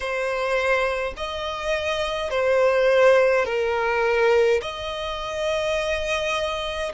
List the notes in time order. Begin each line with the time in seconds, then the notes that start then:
0.00 C5
1.16 D#5
2.30 C5
3.45 A#4
4.61 D#5